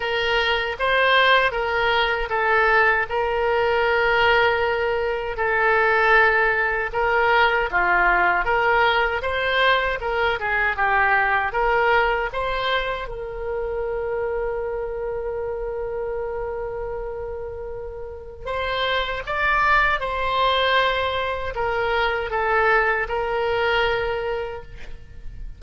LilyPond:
\new Staff \with { instrumentName = "oboe" } { \time 4/4 \tempo 4 = 78 ais'4 c''4 ais'4 a'4 | ais'2. a'4~ | a'4 ais'4 f'4 ais'4 | c''4 ais'8 gis'8 g'4 ais'4 |
c''4 ais'2.~ | ais'1 | c''4 d''4 c''2 | ais'4 a'4 ais'2 | }